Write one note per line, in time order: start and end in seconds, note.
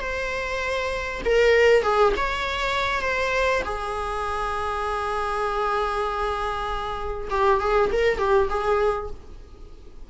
0.00 1.21 C5
1.25 1.83 A#4
1.83 2.13 G#4
2.17 3.01 C#5
3.01 3.62 C5
3.64 7.28 G#4
7.30 7.60 G4
7.60 7.91 G#4
7.92 8.18 A#4
8.18 8.48 G4
8.49 9.10 G#4